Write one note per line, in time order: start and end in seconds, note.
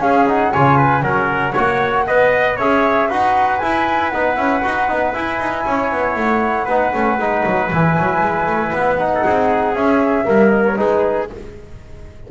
0.00 0.51 C#4
0.00 0.26 C#4
0.00 0.52 G#4
0.00 0.27 F5
0.27 0.53 D#4
0.27 0.53 F#5
0.52 1.02 C#3
0.52 1.01 F4
0.52 0.77 C#5
0.52 1.02 G#5
0.77 1.03 B4
1.01 1.54 F#3
1.01 1.53 C#4
1.01 1.52 A#4
1.01 2.56 F#5
1.52 2.08 A#3
1.52 2.07 F#4
1.52 2.04 C#5
2.07 2.58 B3
2.07 2.59 B4
2.07 2.56 D#5
2.56 3.09 C#4
2.56 3.10 G#4
2.56 3.08 C#5
2.56 3.10 E5
3.09 3.61 D#4
3.09 3.61 F#4
3.09 5.65 B4
3.09 3.58 F#5
3.58 4.12 E4
3.58 4.10 G#5
4.10 4.37 B3
4.10 4.36 D#4
4.10 5.12 F#5
4.36 4.63 C#4
4.36 4.62 E4
4.63 4.89 D#4
4.63 4.88 F#4
4.88 5.14 B3
4.88 5.14 D#4
5.14 6.68 E4
5.14 5.39 E4
5.14 6.17 G#5
5.39 5.65 D#4
5.66 5.91 C#4
5.66 6.65 C#5
5.91 6.16 B3
6.16 6.67 A3
6.16 7.71 F#5
6.65 6.92 B3
6.65 6.93 D#4
6.65 9.08 B4
6.93 7.18 A3
6.93 7.19 C#4
7.18 7.44 G#3
7.18 7.71 D#4
7.45 7.71 F#3
7.71 7.98 E3
7.71 8.98 E4
7.71 8.73 G#5
7.98 8.21 F#3
8.21 8.46 G#3
8.46 8.71 A3
8.72 9.24 B3
8.72 9.75 F#5
8.98 9.75 D#4
9.15 9.25 A4
9.25 9.74 C4
9.25 10.27 G#4
9.74 10.26 C#4
9.74 10.24 C#4
9.74 10.50 E5
10.24 10.79 G3
10.24 10.75 A#3
10.24 10.80 A#4
10.50 10.62 D#5
10.66 10.77 C#5
10.76 11.30 G#3
10.76 11.28 D#4
10.76 11.31 G#4
10.76 11.29 B4